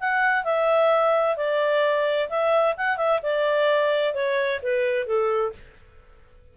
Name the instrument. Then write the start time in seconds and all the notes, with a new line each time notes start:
clarinet
0.00 F#5
0.44 E5
1.37 D5
2.29 E5
2.77 F#5
2.97 E5
3.23 D5
4.14 C#5
4.63 B4
5.07 A4